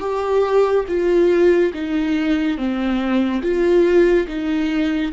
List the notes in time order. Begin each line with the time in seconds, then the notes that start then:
0.00 G4
0.88 F4
1.73 D#4
2.57 C4
3.42 F4
4.27 D#4